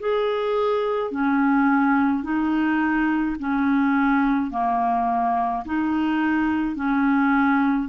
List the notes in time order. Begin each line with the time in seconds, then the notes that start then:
0.00 G#4
1.12 C#4
2.23 D#4
3.40 C#4
4.51 A#3
5.66 D#4
6.76 C#4